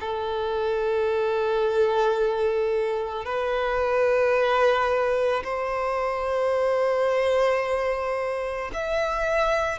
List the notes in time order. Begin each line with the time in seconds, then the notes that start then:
0.00 A4
3.25 B4
5.43 C5
8.73 E5